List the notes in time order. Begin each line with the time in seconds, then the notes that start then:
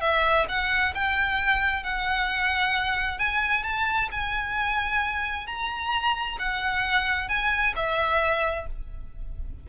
0.00 E5
0.48 F#5
0.94 G5
1.83 F#5
3.18 G#5
3.63 A5
4.11 G#5
5.46 A#5
6.39 F#5
7.28 G#5
7.75 E5